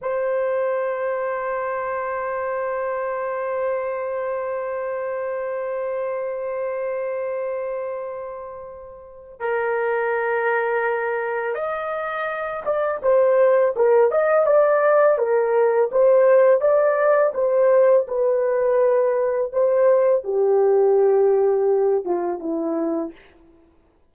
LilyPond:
\new Staff \with { instrumentName = "horn" } { \time 4/4 \tempo 4 = 83 c''1~ | c''1~ | c''1~ | c''4 ais'2. |
dis''4. d''8 c''4 ais'8 dis''8 | d''4 ais'4 c''4 d''4 | c''4 b'2 c''4 | g'2~ g'8 f'8 e'4 | }